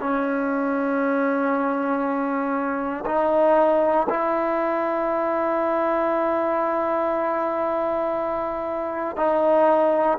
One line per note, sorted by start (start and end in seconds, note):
0.00 3.05 C#4
3.06 4.08 D#4
4.10 9.17 E4
9.17 10.18 D#4